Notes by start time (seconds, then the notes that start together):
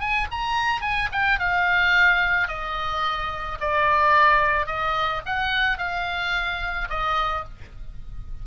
0.00 G#5
0.32 A#5
0.82 G#5
1.12 G5
1.39 F5
2.48 D#5
3.61 D5
4.67 D#5
5.26 F#5
5.78 F5
6.90 D#5